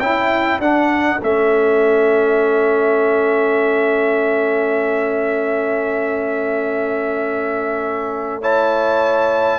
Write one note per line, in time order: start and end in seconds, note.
0.00 0.59 C#4
0.00 0.61 E4
0.00 0.60 E4
0.00 0.60 G5
0.59 1.20 D4
0.59 1.22 D4
0.59 8.40 A4
0.59 1.21 F#5
1.22 9.59 A3
1.22 8.42 C#4
1.22 8.43 E5
8.41 9.59 E4
8.41 9.59 C#5
8.41 9.59 A5